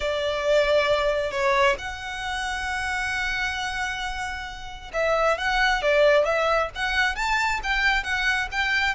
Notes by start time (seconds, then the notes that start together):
0.00 D5
1.31 C#5
1.78 F#5
4.93 E5
5.38 F#5
5.82 D5
6.24 E5
6.75 F#5
7.15 A5
7.63 G5
8.03 F#5
8.51 G5